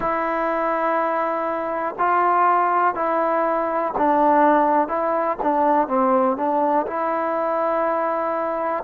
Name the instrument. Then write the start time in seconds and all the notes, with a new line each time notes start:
trombone
0.00 E4
1.98 F4
2.95 E4
3.97 D4
4.87 E4
5.42 D4
5.87 C4
6.37 D4
6.86 E4